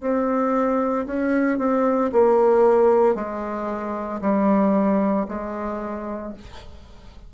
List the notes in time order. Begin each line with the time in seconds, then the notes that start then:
0.00 C4
1.06 C#4
1.58 C4
2.12 A#3
3.15 G#3
4.21 G3
5.28 G#3